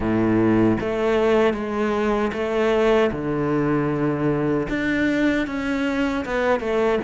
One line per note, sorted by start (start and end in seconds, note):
0.00 0.77 A2
0.80 1.53 A3
1.53 2.31 G#3
2.32 3.10 A3
3.11 4.67 D3
4.69 5.47 D4
5.47 6.24 C#4
6.25 6.60 B3
6.60 6.99 A3